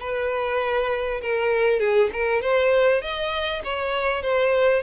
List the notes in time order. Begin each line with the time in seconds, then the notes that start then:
0.00 B4
1.21 A#4
1.80 G#4
2.12 A#4
2.42 C5
3.01 D#5
3.64 C#5
4.22 C5